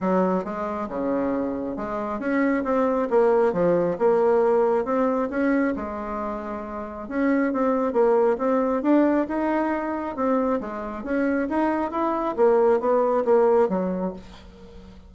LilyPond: \new Staff \with { instrumentName = "bassoon" } { \time 4/4 \tempo 4 = 136 fis4 gis4 cis2 | gis4 cis'4 c'4 ais4 | f4 ais2 c'4 | cis'4 gis2. |
cis'4 c'4 ais4 c'4 | d'4 dis'2 c'4 | gis4 cis'4 dis'4 e'4 | ais4 b4 ais4 fis4 | }